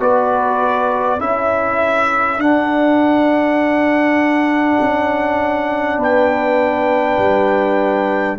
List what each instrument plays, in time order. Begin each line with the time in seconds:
0.00 tuba B3, trombone F#4, horn B4, trumpet D5
1.19 tuba C#4, trombone E4, horn A4, trumpet E5
2.38 tuba D4, trombone D4, trumpet F#5
4.81 tuba C#4
5.98 tuba B3, horn B4, trumpet G5
7.19 tuba G3